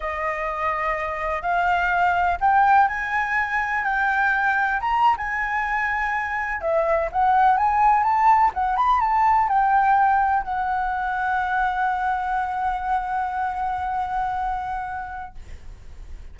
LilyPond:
\new Staff \with { instrumentName = "flute" } { \time 4/4 \tempo 4 = 125 dis''2. f''4~ | f''4 g''4 gis''2 | g''2 ais''8. gis''4~ gis''16~ | gis''4.~ gis''16 e''4 fis''4 gis''16~ |
gis''8. a''4 fis''8 b''8 a''4 g''16~ | g''4.~ g''16 fis''2~ fis''16~ | fis''1~ | fis''1 | }